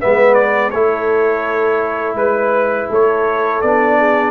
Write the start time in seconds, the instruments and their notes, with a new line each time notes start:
0.00 tuba G#3, trombone B3, horn B4, trumpet E5
0.34 trumpet D5
0.70 tuba A3, trombone E4, horn A4, trumpet C#5
2.14 tuba G#3, trumpet B4, horn B4
2.90 tuba A3, horn A4, trumpet C#5
3.61 tuba B3, trombone D4, trumpet D5
3.98 horn G#4